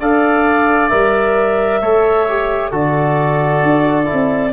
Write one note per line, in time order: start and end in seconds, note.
0.00 0.91 D4
0.00 0.91 A4
0.00 1.81 D5
0.00 0.89 F5
0.89 1.81 G3
0.89 1.81 A#4
0.89 2.70 E5
1.81 2.72 A3
1.81 2.27 A4
1.81 2.71 C#5
2.29 2.72 G4
2.71 3.63 D3
2.71 4.05 F#4
2.71 4.53 A4
2.71 4.53 D5
3.63 4.08 D4
4.05 4.51 E4
4.12 4.53 C4